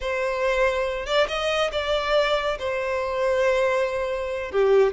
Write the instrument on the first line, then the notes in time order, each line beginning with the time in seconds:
violin
0.00 C5
1.06 D5
1.28 D#5
1.72 D5
2.58 C5
4.51 G4